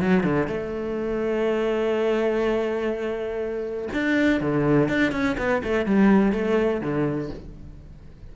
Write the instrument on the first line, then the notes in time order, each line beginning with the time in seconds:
cello
0.00 F#3
0.23 D3
0.47 A3
3.93 D4
4.41 D3
4.88 D4
5.12 C#4
5.38 B3
5.64 A3
5.86 G3
6.32 A3
6.81 D3